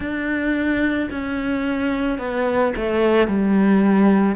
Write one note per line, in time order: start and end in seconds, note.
0.00 1.09 D4
1.10 2.18 C#4
2.18 2.73 B3
2.76 3.27 A3
3.27 4.35 G3